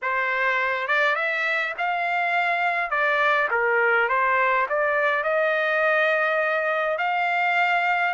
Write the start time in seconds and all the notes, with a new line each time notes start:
0.02 C5
0.87 D5
1.15 E5
1.78 F5
2.90 D5
3.51 A#4
4.08 C5
4.69 D5
5.23 D#5
6.97 F5